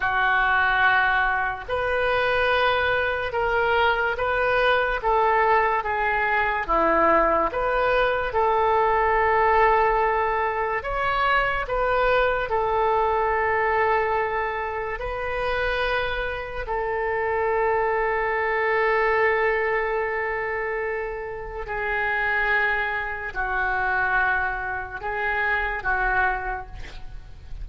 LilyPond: \new Staff \with { instrumentName = "oboe" } { \time 4/4 \tempo 4 = 72 fis'2 b'2 | ais'4 b'4 a'4 gis'4 | e'4 b'4 a'2~ | a'4 cis''4 b'4 a'4~ |
a'2 b'2 | a'1~ | a'2 gis'2 | fis'2 gis'4 fis'4 | }